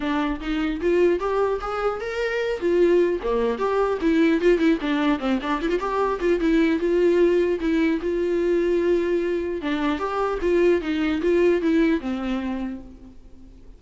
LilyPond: \new Staff \with { instrumentName = "viola" } { \time 4/4 \tempo 4 = 150 d'4 dis'4 f'4 g'4 | gis'4 ais'4. f'4. | ais4 g'4 e'4 f'8 e'8 | d'4 c'8 d'8 e'16 f'16 g'4 f'8 |
e'4 f'2 e'4 | f'1 | d'4 g'4 f'4 dis'4 | f'4 e'4 c'2 | }